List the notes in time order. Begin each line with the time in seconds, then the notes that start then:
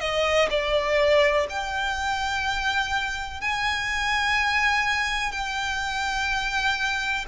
0.00 D#5
0.50 D5
1.49 G5
3.40 G#5
5.31 G5